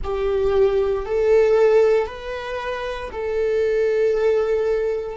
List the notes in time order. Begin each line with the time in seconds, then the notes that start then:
0.03 G4
1.05 A4
2.06 B4
3.11 A4